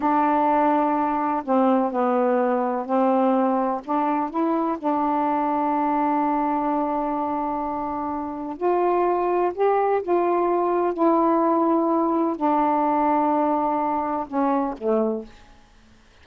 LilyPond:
\new Staff \with { instrumentName = "saxophone" } { \time 4/4 \tempo 4 = 126 d'2. c'4 | b2 c'2 | d'4 e'4 d'2~ | d'1~ |
d'2 f'2 | g'4 f'2 e'4~ | e'2 d'2~ | d'2 cis'4 a4 | }